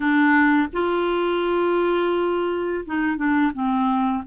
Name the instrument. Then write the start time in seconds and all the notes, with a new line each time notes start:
clarinet
0.00 D4
0.73 F4
2.85 D#4
3.16 D4
3.53 C4